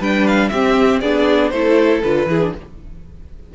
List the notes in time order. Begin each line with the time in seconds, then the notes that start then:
0.00 G3 D4 B4 G5
0.27 F5
0.49 C4 G4 E5
1.01 B3 D4 G#4 D5
1.50 A3 E4 A4 C5
2.03 D3 F4 B4
2.26 E3 E4 G#4
2.41 D4